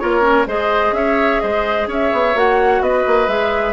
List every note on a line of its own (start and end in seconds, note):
0.00 0.47 A#3
0.00 0.22 F4
0.00 0.48 A#4
0.00 0.47 C#5
0.22 0.45 C#4
0.47 0.92 G#3
0.47 2.35 G#4
0.47 0.95 C5
0.47 0.94 D#5
0.92 1.39 C#4
0.92 1.43 C#5
0.92 1.41 E5
1.41 1.88 G#3
1.41 1.89 C5
1.41 1.88 D#5
1.88 2.11 C#4
1.88 2.82 C#5
1.88 2.38 E5
2.13 2.36 B3
2.35 2.81 A#3
2.35 3.29 F#4
2.35 2.83 F#5
2.81 3.05 B3
2.81 3.73 B4
2.81 3.30 D#5
3.07 3.28 A#3
3.28 3.73 G#3
3.28 3.73 G#4
3.28 3.73 E5